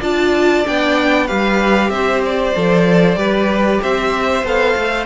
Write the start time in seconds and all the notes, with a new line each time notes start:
0.00 D4 F4 D5 A5
0.65 B3 D4 G5
1.27 G3 G4 B4 F5
1.89 C4 C5 E5
2.25 D5
2.56 F3 A4
3.16 G3 G4 B4
3.82 C4 C5 E5
4.44 B3 A4 F5
4.76 A3